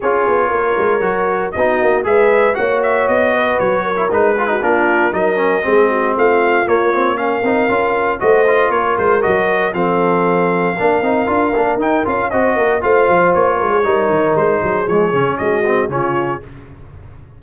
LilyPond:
<<
  \new Staff \with { instrumentName = "trumpet" } { \time 4/4 \tempo 4 = 117 cis''2. dis''4 | e''4 fis''8 e''8 dis''4 cis''4 | b'4 ais'4 dis''2 | f''4 cis''4 f''2 |
dis''4 cis''8 c''8 dis''4 f''4~ | f''2. g''8 f''8 | dis''4 f''4 cis''2 | c''4 cis''4 dis''4 cis''4 | }
  \new Staff \with { instrumentName = "horn" } { \time 4/4 gis'4 ais'2 fis'4 | b'4 cis''4. b'4 ais'8~ | ais'8 gis'16 fis'16 f'4 ais'4 gis'8 fis'8 | f'2 ais'2 |
c''4 ais'2 a'4~ | a'4 ais'2. | c''8 ais'8 c''4. ais'16 gis'16 ais'4~ | ais'8 gis'4. fis'4 f'4 | }
  \new Staff \with { instrumentName = "trombone" } { \time 4/4 f'2 fis'4 dis'4 | gis'4 fis'2~ fis'8. e'16 | dis'8 f'16 dis'16 d'4 dis'8 cis'8 c'4~ | c'4 ais8 c'8 cis'8 dis'8 f'4 |
fis'8 f'4. fis'4 c'4~ | c'4 d'8 dis'8 f'8 d'8 dis'8 f'8 | fis'4 f'2 dis'4~ | dis'4 gis8 cis'4 c'8 cis'4 | }
  \new Staff \with { instrumentName = "tuba" } { \time 4/4 cis'8 b8 ais8 gis8 fis4 b8 ais8 | gis4 ais4 b4 fis4 | gis4 ais4 fis4 gis4 | a4 ais4. c'8 cis'4 |
a4 ais8 gis8 fis4 f4~ | f4 ais8 c'8 d'8 ais8 dis'8 cis'8 | c'8 ais8 a8 f8 ais8 gis8 g8 dis8 | gis8 fis8 f8 cis8 gis4 cis4 | }
>>